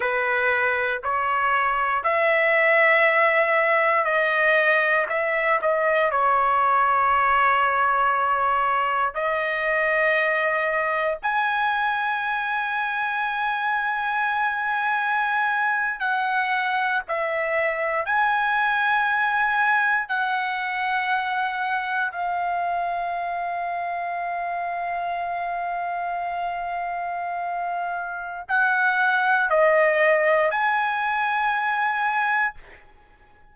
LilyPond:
\new Staff \with { instrumentName = "trumpet" } { \time 4/4 \tempo 4 = 59 b'4 cis''4 e''2 | dis''4 e''8 dis''8 cis''2~ | cis''4 dis''2 gis''4~ | gis''2.~ gis''8. fis''16~ |
fis''8. e''4 gis''2 fis''16~ | fis''4.~ fis''16 f''2~ f''16~ | f''1 | fis''4 dis''4 gis''2 | }